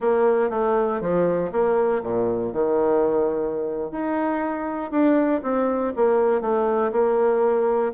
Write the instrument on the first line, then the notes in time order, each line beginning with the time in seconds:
bassoon
0.00 A#3
0.50 A3
1.00 F3
1.52 A#3
2.02 A#2
2.52 D#3
3.91 D#4
4.91 D4
5.42 C4
5.96 A#3
6.41 A3
6.92 A#3